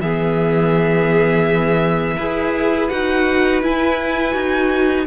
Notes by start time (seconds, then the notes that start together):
0.00 E3 B3 G#4 E5
2.16 E4 G#4 B4
2.88 D#4 F#4 F#5
3.62 E4 G#5
4.32 D#4 F#4